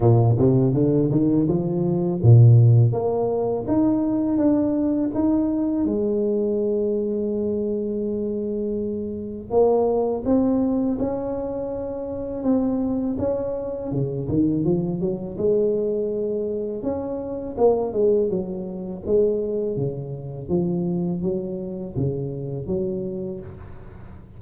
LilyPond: \new Staff \with { instrumentName = "tuba" } { \time 4/4 \tempo 4 = 82 ais,8 c8 d8 dis8 f4 ais,4 | ais4 dis'4 d'4 dis'4 | gis1~ | gis4 ais4 c'4 cis'4~ |
cis'4 c'4 cis'4 cis8 dis8 | f8 fis8 gis2 cis'4 | ais8 gis8 fis4 gis4 cis4 | f4 fis4 cis4 fis4 | }